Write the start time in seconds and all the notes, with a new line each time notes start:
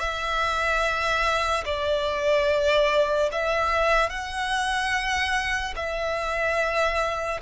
0.00 E5
1.65 D5
3.32 E5
4.10 F#5
5.76 E5